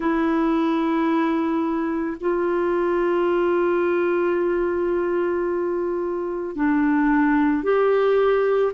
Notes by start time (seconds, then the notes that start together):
0.00 E4
2.20 F4
6.55 D4
7.63 G4